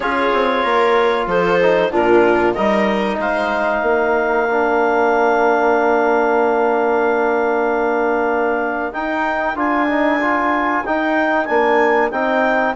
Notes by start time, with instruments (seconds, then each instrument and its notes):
0.00 bassoon C#4, trombone F4, viola G#4, clarinet C#5
0.33 bassoon C4
0.62 bassoon A#3, viola A#4
1.26 bassoon F3, viola A4, clarinet C5
1.62 trombone D#4
1.91 bassoon A#2, trombone D4, viola F4, clarinet A#4
2.53 bassoon G3, trombone D#4, viola A#4, clarinet D#5
3.18 bassoon G#3, viola C5, clarinet F5
3.82 bassoon A#3, viola A#4
4.49 trombone D4
8.92 trombone D#4, bassoon D#4, clarinet G5
9.55 bassoon D4, trombone F4, clarinet G#5
9.88 trombone D#4
10.20 trombone F4
10.85 trombone D#4, bassoon D#4, clarinet G5
11.45 bassoon A#3, trombone D4, clarinet G#5
12.10 bassoon C4, trombone D#4, clarinet G5